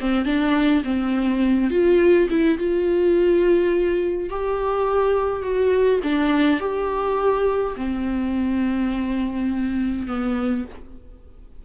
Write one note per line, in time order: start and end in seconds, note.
0.00 0.25 C4
0.25 0.83 D4
0.84 1.70 C4
1.70 2.28 F4
2.29 2.58 E4
2.58 4.29 F4
4.29 5.42 G4
5.42 6.00 F#4
6.03 6.60 D4
6.60 7.75 G4
7.76 10.07 C4
10.07 10.64 B3